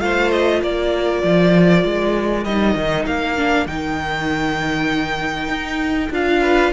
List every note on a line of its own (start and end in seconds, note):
0.00 0.61 A3
0.00 2.45 F4
0.00 0.63 C5
0.00 0.31 F5
0.32 0.62 D#5
0.61 1.23 A#3
0.61 6.41 A#4
0.61 2.45 D5
1.23 1.84 F3
1.84 2.45 G#3
2.45 2.75 G3
2.45 3.37 D#4
2.45 3.06 D#5
2.75 3.06 D#3
3.06 3.66 A#3
3.06 3.67 F5
3.37 3.68 D4
3.66 5.48 D#3
3.66 6.12 D#4
3.66 6.12 G5
5.48 6.09 D#4
6.11 6.72 D4
6.11 6.73 F4
6.11 6.73 F5
6.41 6.72 B4